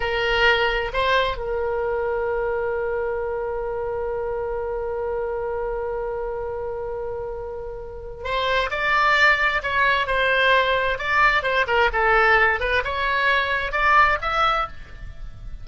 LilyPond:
\new Staff \with { instrumentName = "oboe" } { \time 4/4 \tempo 4 = 131 ais'2 c''4 ais'4~ | ais'1~ | ais'1~ | ais'1~ |
ais'2 c''4 d''4~ | d''4 cis''4 c''2 | d''4 c''8 ais'8 a'4. b'8 | cis''2 d''4 e''4 | }